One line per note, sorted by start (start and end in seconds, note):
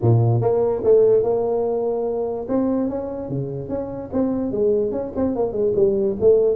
0.01 0.41 A#2
0.41 0.82 A#3
0.83 1.23 A3
1.23 2.46 A#3
2.48 2.89 C4
2.89 3.29 C#4
3.29 3.69 C#3
3.69 4.10 C#4
4.12 4.51 C4
4.51 4.91 G#3
4.91 5.12 C#4
5.16 5.35 C4
5.35 5.52 A#3
5.52 5.73 G#3
5.75 6.16 G3
6.20 6.56 A3